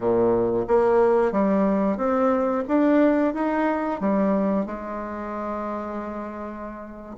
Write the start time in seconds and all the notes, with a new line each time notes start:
0.00 A#2
0.67 A#3
1.32 G3
1.97 C4
2.68 D4
3.33 D#4
4.00 G3
4.65 G#3